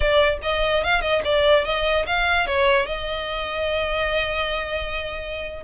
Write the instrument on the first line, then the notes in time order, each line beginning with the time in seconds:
violin
0.00 D5
0.42 D#5
0.83 F5
1.01 D#5
1.24 D5
1.64 D#5
2.06 F5
2.46 C#5
2.86 D#5